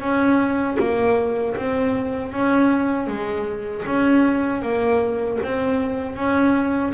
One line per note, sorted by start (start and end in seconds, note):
0.00 0.77 C#4
0.79 1.56 A#3
1.56 2.32 C4
2.32 3.07 C#4
3.07 3.84 G#3
3.86 4.62 C#4
4.62 5.38 A#3
5.43 6.16 C4
6.16 6.93 C#4